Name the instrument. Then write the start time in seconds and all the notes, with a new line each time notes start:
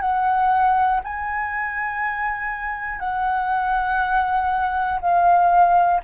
flute
0.00 F#5
1.04 G#5
3.00 F#5
5.00 F5